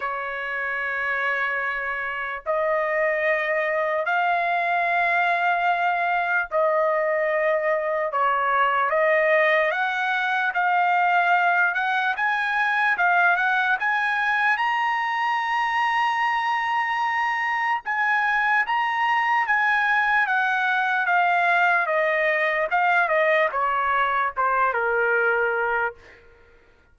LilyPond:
\new Staff \with { instrumentName = "trumpet" } { \time 4/4 \tempo 4 = 74 cis''2. dis''4~ | dis''4 f''2. | dis''2 cis''4 dis''4 | fis''4 f''4. fis''8 gis''4 |
f''8 fis''8 gis''4 ais''2~ | ais''2 gis''4 ais''4 | gis''4 fis''4 f''4 dis''4 | f''8 dis''8 cis''4 c''8 ais'4. | }